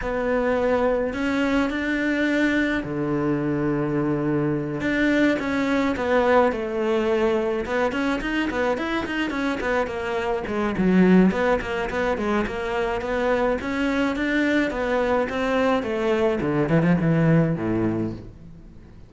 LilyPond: \new Staff \with { instrumentName = "cello" } { \time 4/4 \tempo 4 = 106 b2 cis'4 d'4~ | d'4 d2.~ | d8 d'4 cis'4 b4 a8~ | a4. b8 cis'8 dis'8 b8 e'8 |
dis'8 cis'8 b8 ais4 gis8 fis4 | b8 ais8 b8 gis8 ais4 b4 | cis'4 d'4 b4 c'4 | a4 d8 e16 f16 e4 a,4 | }